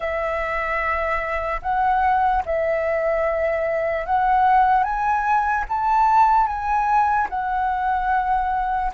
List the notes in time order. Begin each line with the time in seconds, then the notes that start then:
0.00 E5
1.62 F#5
2.45 E5
4.05 F#5
4.83 G#5
5.68 A5
6.46 G#5
7.29 F#5